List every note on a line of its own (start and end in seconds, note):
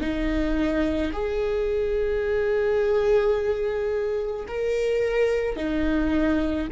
0.00 1.11 D#4
1.12 4.45 G#4
4.47 5.56 A#4
5.56 6.67 D#4